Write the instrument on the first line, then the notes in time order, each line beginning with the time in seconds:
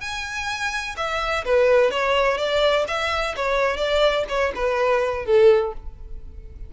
violin
0.00 G#5
0.96 E5
1.44 B4
1.90 C#5
2.37 D5
2.87 E5
3.36 C#5
3.77 D5
4.28 C#5
4.55 B4
5.25 A4